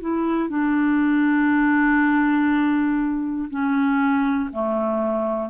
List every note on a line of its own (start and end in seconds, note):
0.00 0.49 E4
0.49 3.49 D4
3.50 4.50 C#4
4.52 5.49 A3